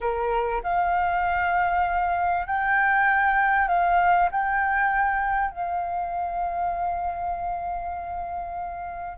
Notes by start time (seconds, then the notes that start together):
0.00 A#4
0.63 F5
2.46 G5
3.67 F5
4.31 G5
5.50 F5